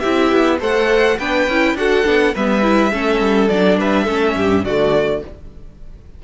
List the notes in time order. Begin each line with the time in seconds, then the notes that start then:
0.00 C4 E4 G4 E5
0.32 B3
0.60 A3 A4 C5 F#5
1.19 B3 D4 B4 G5
1.48 C#4 E4
1.75 D4 F#4 A4 F#5
2.05 B3 D4
2.34 G3 B3 B4 E5
2.63 E4
2.91 A3 C#4 A4
3.20 G3
3.49 F#3 D4 D5
3.79 G3 B4 E5
4.04 A3 C#4 A4
4.37 G2 G4
4.65 D3 A3 F#4 D5